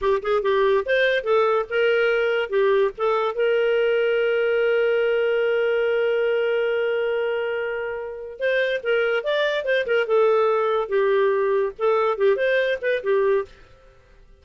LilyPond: \new Staff \with { instrumentName = "clarinet" } { \time 4/4 \tempo 4 = 143 g'8 gis'8 g'4 c''4 a'4 | ais'2 g'4 a'4 | ais'1~ | ais'1~ |
ais'1 | c''4 ais'4 d''4 c''8 ais'8 | a'2 g'2 | a'4 g'8 c''4 b'8 g'4 | }